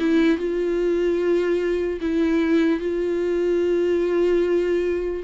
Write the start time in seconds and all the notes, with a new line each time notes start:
0.00 E4
0.38 F4
2.02 E4
2.80 F4